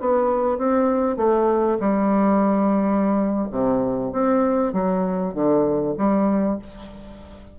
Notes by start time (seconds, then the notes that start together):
0.00 B3
0.58 C4
1.17 A3
1.79 G3
3.51 C3
4.12 C4
4.73 F#3
5.34 D3
5.97 G3